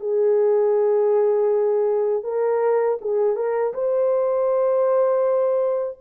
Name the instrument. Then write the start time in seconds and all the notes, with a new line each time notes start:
horn
0.00 G#4
2.23 A#4
3.01 G#4
3.36 A#4
3.73 C5